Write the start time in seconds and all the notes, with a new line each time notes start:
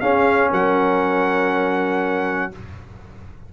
0.00 C#4 G#4 F5
0.51 F#3 A#4 F#5